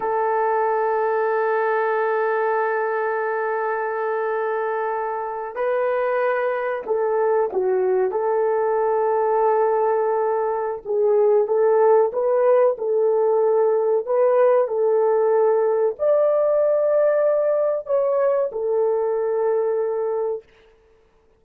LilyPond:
\new Staff \with { instrumentName = "horn" } { \time 4/4 \tempo 4 = 94 a'1~ | a'1~ | a'8. b'2 a'4 fis'16~ | fis'8. a'2.~ a'16~ |
a'4 gis'4 a'4 b'4 | a'2 b'4 a'4~ | a'4 d''2. | cis''4 a'2. | }